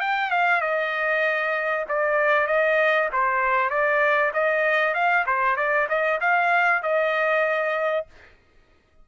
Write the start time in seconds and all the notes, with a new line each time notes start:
0.00 G5
0.31 F5
0.61 D#5
1.89 D5
2.47 D#5
3.12 C5
3.70 D5
4.33 D#5
4.94 F5
5.26 C5
5.56 D5
5.89 D#5
6.21 F5
6.83 D#5